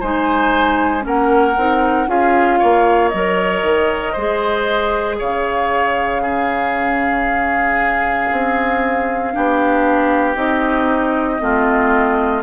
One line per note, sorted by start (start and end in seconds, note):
0.00 1.05 G#3
0.00 1.01 D#4
0.00 1.03 C5
0.00 1.04 G#5
1.01 1.57 A#3
1.01 1.53 C#4
1.01 2.09 A#4
1.07 2.10 F#5
1.57 2.08 C4
1.57 2.08 D#4
2.08 2.59 C#4
2.08 3.11 F4
2.08 2.59 G#4
2.08 3.09 F5
2.59 3.13 A#3
2.59 4.13 C#5
3.09 3.63 F#3
3.09 4.17 A#4
3.09 5.16 D#5
3.63 4.15 D#3
4.13 5.20 G#3
4.13 6.23 G#4
4.13 5.16 C5
5.19 8.31 C#3
5.19 6.22 C#5
5.19 10.36 F5
6.22 9.33 C#4
6.22 9.33 G#4
8.31 9.35 C4
9.33 10.36 B3
9.33 10.35 D4
9.33 11.42 G4
10.35 11.39 C4
10.35 11.39 D#4
10.35 12.43 D#5
11.39 12.43 A3
11.39 12.42 C4
11.39 12.43 F4